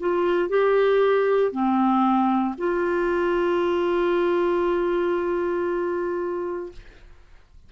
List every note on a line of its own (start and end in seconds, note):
0.00 0.49 F4
0.49 1.52 G4
1.52 2.55 C4
2.58 6.72 F4